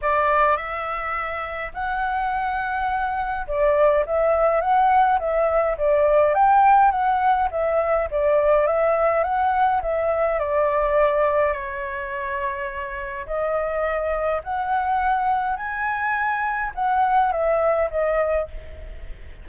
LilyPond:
\new Staff \with { instrumentName = "flute" } { \time 4/4 \tempo 4 = 104 d''4 e''2 fis''4~ | fis''2 d''4 e''4 | fis''4 e''4 d''4 g''4 | fis''4 e''4 d''4 e''4 |
fis''4 e''4 d''2 | cis''2. dis''4~ | dis''4 fis''2 gis''4~ | gis''4 fis''4 e''4 dis''4 | }